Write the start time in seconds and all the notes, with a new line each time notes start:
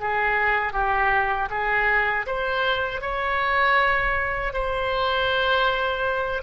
0.00 G#4
0.73 G4
1.50 G#4
2.27 C5
3.01 C#5
4.54 C5